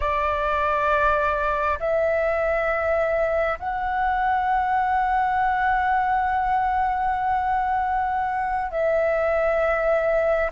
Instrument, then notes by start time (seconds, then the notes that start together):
flute
0.00 D5
1.79 E5
3.59 F#5
8.71 E5